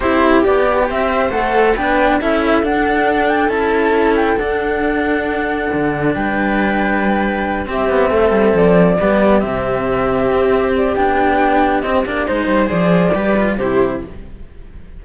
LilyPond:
<<
  \new Staff \with { instrumentName = "flute" } { \time 4/4 \tempo 4 = 137 c''4 d''4 e''4 fis''4 | g''4 e''4 fis''4. g''8 | a''4. g''8 fis''2~ | fis''2 g''2~ |
g''4. e''2 d''8~ | d''4. e''2~ e''8~ | e''8 d''8 g''2 dis''8 d''8 | c''4 d''2 c''4 | }
  \new Staff \with { instrumentName = "viola" } { \time 4/4 g'2 c''2 | b'4 a'2.~ | a'1~ | a'2 b'2~ |
b'4. g'4 a'4.~ | a'8 g'2.~ g'8~ | g'1 | c''2 b'4 g'4 | }
  \new Staff \with { instrumentName = "cello" } { \time 4/4 e'4 g'2 a'4 | d'4 e'4 d'2 | e'2 d'2~ | d'1~ |
d'4. c'2~ c'8~ | c'8 b4 c'2~ c'8~ | c'4 d'2 c'8 d'8 | dis'4 gis'4 g'8 f'8 e'4 | }
  \new Staff \with { instrumentName = "cello" } { \time 4/4 c'4 b4 c'4 a4 | b4 cis'4 d'2 | cis'2 d'2~ | d'4 d4 g2~ |
g4. c'8 b8 a8 g8 f8~ | f8 g4 c2 c'8~ | c'4 b2 c'8 ais8 | gis8 g8 f4 g4 c4 | }
>>